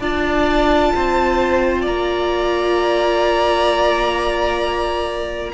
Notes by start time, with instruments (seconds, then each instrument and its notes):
0.00 cello D4, viola F4, violin D5 A5
0.95 cello C4, violin C5
1.81 cello A#3, violin D5 A#5